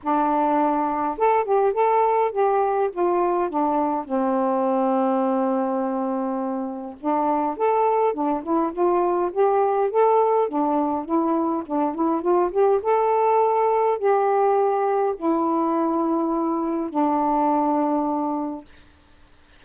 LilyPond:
\new Staff \with { instrumentName = "saxophone" } { \time 4/4 \tempo 4 = 103 d'2 a'8 g'8 a'4 | g'4 f'4 d'4 c'4~ | c'1 | d'4 a'4 d'8 e'8 f'4 |
g'4 a'4 d'4 e'4 | d'8 e'8 f'8 g'8 a'2 | g'2 e'2~ | e'4 d'2. | }